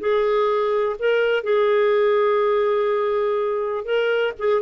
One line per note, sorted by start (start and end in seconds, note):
0.00 0.97 G#4
1.00 1.44 A#4
1.44 3.85 G#4
3.85 4.34 A#4
4.39 4.62 G#4